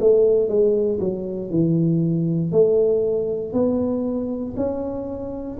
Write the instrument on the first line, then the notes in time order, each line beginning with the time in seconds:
tuba
0.00 A3
0.49 G#3
1.00 F#3
1.50 E3
2.51 A3
3.53 B3
4.57 C#4